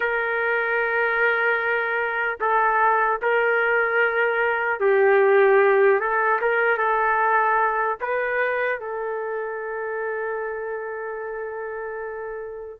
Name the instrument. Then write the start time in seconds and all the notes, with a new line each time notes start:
trumpet
0.00 A#4
2.40 A4
3.22 A#4
4.80 G4
6.00 A4
6.41 A#4
6.77 A4
8.00 B4
8.80 A4